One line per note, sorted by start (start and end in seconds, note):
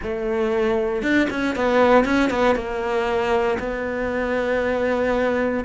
0.02 1.02 A3
1.02 1.28 D4
1.30 1.55 C#4
1.55 2.04 B3
2.04 2.30 C#4
2.30 2.55 B3
2.55 3.58 A#3
3.59 5.64 B3